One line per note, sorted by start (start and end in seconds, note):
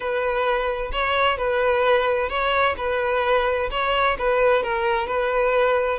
0.00 0.91 B4
0.91 1.37 C#5
1.37 2.29 B4
2.29 2.75 C#5
2.77 3.69 B4
3.70 4.17 C#5
4.18 4.62 B4
4.62 5.07 A#4
5.07 5.99 B4